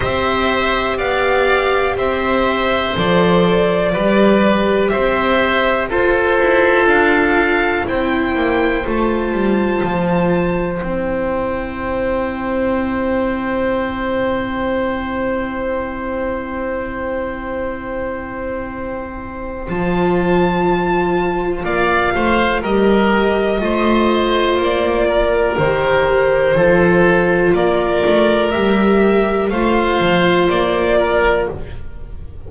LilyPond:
<<
  \new Staff \with { instrumentName = "violin" } { \time 4/4 \tempo 4 = 61 e''4 f''4 e''4 d''4~ | d''4 e''4 c''4 f''4 | g''4 a''2 g''4~ | g''1~ |
g''1 | a''2 f''4 dis''4~ | dis''4 d''4 c''2 | d''4 e''4 f''4 d''4 | }
  \new Staff \with { instrumentName = "oboe" } { \time 4/4 c''4 d''4 c''2 | b'4 c''4 a'2 | c''1~ | c''1~ |
c''1~ | c''2 d''8 c''8 ais'4 | c''4. ais'4. a'4 | ais'2 c''4. ais'8 | }
  \new Staff \with { instrumentName = "viola" } { \time 4/4 g'2. a'4 | g'2 f'2 | e'4 f'2 e'4~ | e'1~ |
e'1 | f'2. g'4 | f'2 g'4 f'4~ | f'4 g'4 f'2 | }
  \new Staff \with { instrumentName = "double bass" } { \time 4/4 c'4 b4 c'4 f4 | g4 c'4 f'8 e'8 d'4 | c'8 ais8 a8 g8 f4 c'4~ | c'1~ |
c'1 | f2 ais8 a8 g4 | a4 ais4 dis4 f4 | ais8 a8 g4 a8 f8 ais4 | }
>>